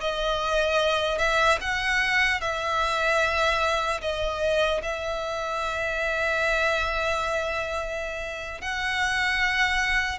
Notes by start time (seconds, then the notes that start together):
0.00 D#5
1.18 E5
1.60 F#5
2.40 E5
4.01 D#5
4.82 E5
8.61 F#5